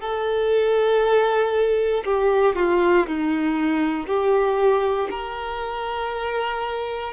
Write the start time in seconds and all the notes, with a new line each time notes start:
0.00 A4
2.04 G4
2.55 F4
3.06 D#4
4.06 G4
5.10 A#4